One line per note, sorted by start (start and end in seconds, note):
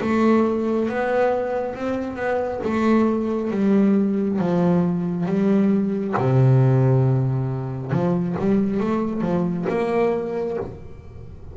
0.00 0.88 A3
0.89 1.75 B3
1.75 2.15 C4
2.15 2.59 B3
2.63 3.51 A3
3.51 4.38 G3
4.38 5.26 F3
5.26 6.14 G3
6.17 7.91 C3
7.91 8.35 F3
8.39 8.80 G3
8.80 9.21 A3
9.21 9.65 F3
9.69 10.57 A#3